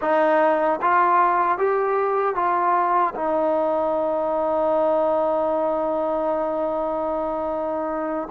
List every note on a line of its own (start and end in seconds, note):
0.01 0.80 D#4
0.81 1.58 F4
1.58 2.35 G4
2.35 3.14 F4
3.15 8.28 D#4